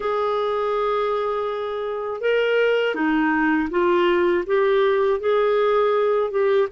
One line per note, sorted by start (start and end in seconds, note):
0.00 2.20 G#4
2.20 2.94 A#4
2.95 3.68 D#4
3.70 4.44 F4
4.46 5.20 G4
5.20 6.30 G#4
6.30 6.67 G4